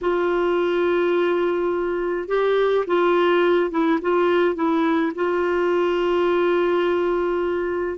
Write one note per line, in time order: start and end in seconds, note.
0.01 2.28 F4
2.28 2.85 G4
2.86 3.70 F4
3.70 3.99 E4
4.01 4.55 F4
4.55 5.12 E4
5.15 7.98 F4